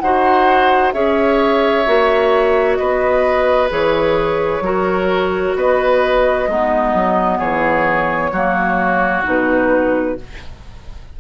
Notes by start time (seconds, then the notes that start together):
0.00 D#4 F#4 C5 F#5
0.93 C#4 G#4 C#5 E5
1.86 A#3 F#4
2.76 B3 B4 D#5
3.70 E3 G#4 C#5
4.61 F#3 F#4 A#4
5.56 B3 B4 D#5
6.48 G#3 B3 D#4
6.94 F#3
7.38 E3 G#4 C#5
8.32 F#3 A#3 F#4
9.24 B2 D#4 B4